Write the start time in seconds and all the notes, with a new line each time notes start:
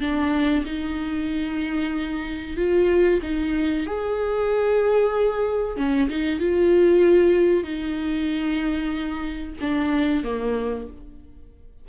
0.00 D4
0.65 D#4
2.56 F4
3.22 D#4
3.86 G#4
5.76 C#4
6.09 D#4
6.39 F4
7.63 D#4
9.60 D4
10.23 A#3